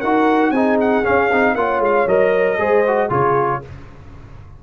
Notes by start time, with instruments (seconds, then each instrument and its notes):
0.00 tuba D#4, trombone F#4, horn A#4, trumpet F#5
0.51 tuba C4, trombone D#4, horn G#4, trumpet G#5
0.80 trumpet F#5
1.04 trombone C#4, tuba C#4, trumpet F5
1.32 tuba C4, trombone D#4
1.55 tuba A#3, trombone F4, horn C#5, trumpet F#5
1.79 tuba G#3, trumpet F5
2.06 tuba F#3, trombone A#4, trumpet D#5
2.58 tuba G#3, trombone G#4, horn C5
2.87 trombone F#4
3.09 tuba C#3, trombone F4, horn G#4, trumpet C#5